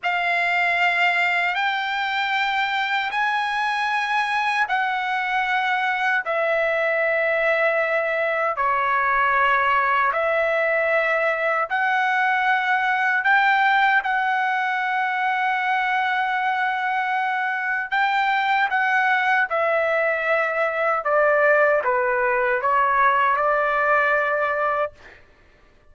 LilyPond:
\new Staff \with { instrumentName = "trumpet" } { \time 4/4 \tempo 4 = 77 f''2 g''2 | gis''2 fis''2 | e''2. cis''4~ | cis''4 e''2 fis''4~ |
fis''4 g''4 fis''2~ | fis''2. g''4 | fis''4 e''2 d''4 | b'4 cis''4 d''2 | }